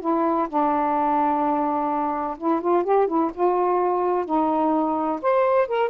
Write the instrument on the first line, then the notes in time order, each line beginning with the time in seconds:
saxophone
0.00 E4
0.48 D4
2.37 E4
2.61 F4
2.83 G4
3.07 E4
3.34 F4
4.25 D#4
5.21 C5
5.67 A#4